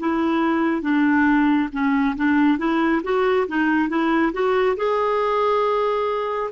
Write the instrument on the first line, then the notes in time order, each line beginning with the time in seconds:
clarinet
0.00 E4
0.82 D4
1.72 C#4
2.16 D4
2.58 E4
3.04 F#4
3.48 D#4
3.89 E4
4.33 F#4
4.76 G#4